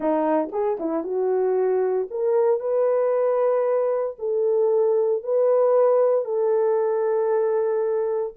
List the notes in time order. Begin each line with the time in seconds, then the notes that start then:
0.00 D#4
0.51 G#4
0.79 E4
1.03 F#4
2.10 A#4
2.59 B4
4.19 A4
5.23 B4
6.24 A4